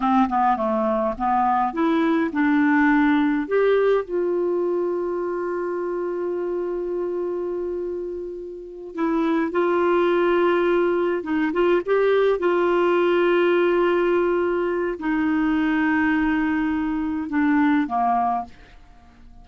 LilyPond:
\new Staff \with { instrumentName = "clarinet" } { \time 4/4 \tempo 4 = 104 c'8 b8 a4 b4 e'4 | d'2 g'4 f'4~ | f'1~ | f'2.~ f'8 e'8~ |
e'8 f'2. dis'8 | f'8 g'4 f'2~ f'8~ | f'2 dis'2~ | dis'2 d'4 ais4 | }